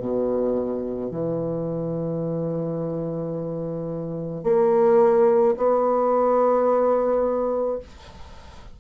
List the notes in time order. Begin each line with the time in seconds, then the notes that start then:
0.00 B2
1.11 E3
4.44 A#3
5.57 B3